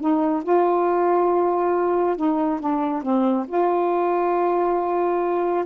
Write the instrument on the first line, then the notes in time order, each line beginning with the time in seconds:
saxophone
0.00 D#4
0.43 F4
2.17 D#4
2.60 D4
3.02 C4
3.47 F4